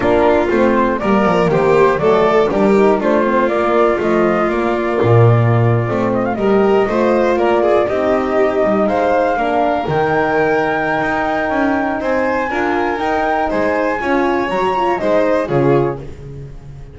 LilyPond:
<<
  \new Staff \with { instrumentName = "flute" } { \time 4/4 \tempo 4 = 120 ais'4 c''4 d''4 c''4 | d''4 ais'4 c''4 d''4 | dis''4 d''2.~ | d''16 dis''16 f''16 dis''2 d''4 dis''16~ |
dis''4.~ dis''16 f''2 g''16~ | g''1 | gis''2 g''4 gis''4~ | gis''4 ais''4 dis''4 cis''4 | }
  \new Staff \with { instrumentName = "violin" } { \time 4/4 f'2 ais'4 g'4 | a'4 g'4 f'2~ | f'1~ | f'8. ais'4 c''4 ais'8 gis'8 g'16~ |
g'4.~ g'16 c''4 ais'4~ ais'16~ | ais'1 | c''4 ais'2 c''4 | cis''2 c''4 gis'4 | }
  \new Staff \with { instrumentName = "horn" } { \time 4/4 d'4 c'4 ais2 | a4 d'8 dis'8 d'8 c'8 ais4 | f4 ais2~ ais8. c'16~ | c'8. g'4 f'2 dis'16~ |
dis'2~ dis'8. d'4 dis'16~ | dis'1~ | dis'4 f'4 dis'2 | f'4 fis'8 f'8 dis'4 f'4 | }
  \new Staff \with { instrumentName = "double bass" } { \time 4/4 ais4 a4 g8 f8 dis4 | fis4 g4 a4 ais4 | a4 ais4 ais,4.~ ais,16 a16~ | a8. g4 a4 ais4 c'16~ |
c'4~ c'16 g8 gis4 ais4 dis16~ | dis2 dis'4 cis'4 | c'4 d'4 dis'4 gis4 | cis'4 fis4 gis4 cis4 | }
>>